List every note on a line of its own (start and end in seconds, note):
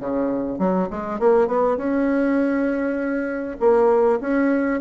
0.00 0.59 C#3
0.59 0.89 F#3
0.90 1.19 G#3
1.19 1.48 A#3
1.48 1.77 B3
1.77 3.57 C#4
3.60 4.20 A#3
4.21 4.81 C#4